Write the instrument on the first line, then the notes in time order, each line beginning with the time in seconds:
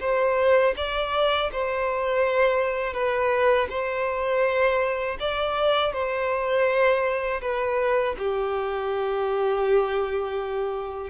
violin
0.00 C5
0.76 D5
1.52 C5
2.93 B4
3.70 C5
5.20 D5
5.93 C5
7.41 B4
8.18 G4